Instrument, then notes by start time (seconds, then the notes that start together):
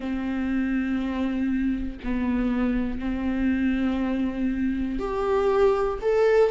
viola
0.00 C4
2.04 B3
2.99 C4
4.99 G4
6.01 A4